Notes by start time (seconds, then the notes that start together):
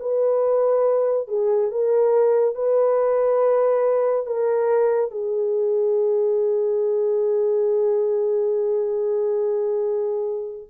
0.00 B4
1.28 G#4
1.71 A#4
2.55 B4
4.27 A#4
5.11 G#4